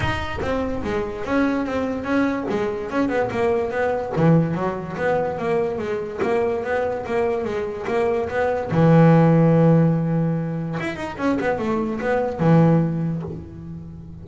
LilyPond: \new Staff \with { instrumentName = "double bass" } { \time 4/4 \tempo 4 = 145 dis'4 c'4 gis4 cis'4 | c'4 cis'4 gis4 cis'8 b8 | ais4 b4 e4 fis4 | b4 ais4 gis4 ais4 |
b4 ais4 gis4 ais4 | b4 e2.~ | e2 e'8 dis'8 cis'8 b8 | a4 b4 e2 | }